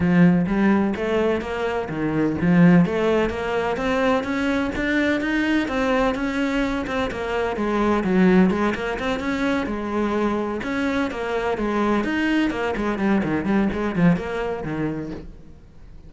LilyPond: \new Staff \with { instrumentName = "cello" } { \time 4/4 \tempo 4 = 127 f4 g4 a4 ais4 | dis4 f4 a4 ais4 | c'4 cis'4 d'4 dis'4 | c'4 cis'4. c'8 ais4 |
gis4 fis4 gis8 ais8 c'8 cis'8~ | cis'8 gis2 cis'4 ais8~ | ais8 gis4 dis'4 ais8 gis8 g8 | dis8 g8 gis8 f8 ais4 dis4 | }